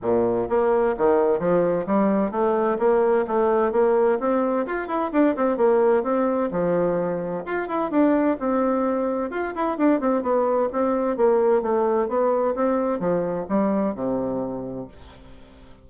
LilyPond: \new Staff \with { instrumentName = "bassoon" } { \time 4/4 \tempo 4 = 129 ais,4 ais4 dis4 f4 | g4 a4 ais4 a4 | ais4 c'4 f'8 e'8 d'8 c'8 | ais4 c'4 f2 |
f'8 e'8 d'4 c'2 | f'8 e'8 d'8 c'8 b4 c'4 | ais4 a4 b4 c'4 | f4 g4 c2 | }